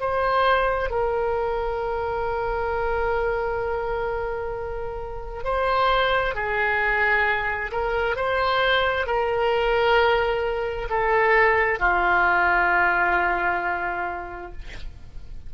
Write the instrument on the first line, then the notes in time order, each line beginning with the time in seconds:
oboe
0.00 C5
0.90 A#4
5.44 C5
6.35 G#4
7.71 A#4
8.16 C5
9.06 A#4
10.90 A4
11.79 F4